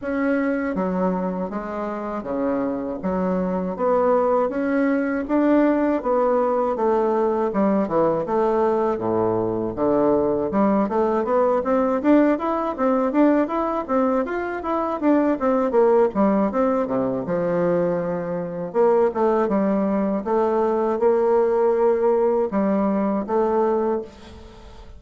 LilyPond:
\new Staff \with { instrumentName = "bassoon" } { \time 4/4 \tempo 4 = 80 cis'4 fis4 gis4 cis4 | fis4 b4 cis'4 d'4 | b4 a4 g8 e8 a4 | a,4 d4 g8 a8 b8 c'8 |
d'8 e'8 c'8 d'8 e'8 c'8 f'8 e'8 | d'8 c'8 ais8 g8 c'8 c8 f4~ | f4 ais8 a8 g4 a4 | ais2 g4 a4 | }